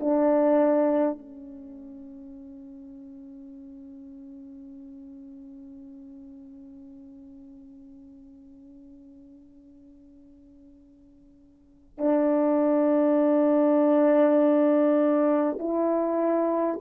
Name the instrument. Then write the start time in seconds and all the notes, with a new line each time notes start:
horn
0.00 D4
1.18 C#4
11.98 D4
15.59 E4